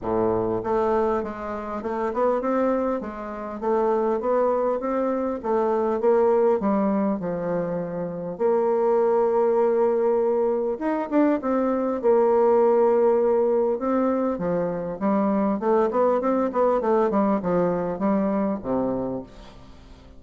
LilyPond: \new Staff \with { instrumentName = "bassoon" } { \time 4/4 \tempo 4 = 100 a,4 a4 gis4 a8 b8 | c'4 gis4 a4 b4 | c'4 a4 ais4 g4 | f2 ais2~ |
ais2 dis'8 d'8 c'4 | ais2. c'4 | f4 g4 a8 b8 c'8 b8 | a8 g8 f4 g4 c4 | }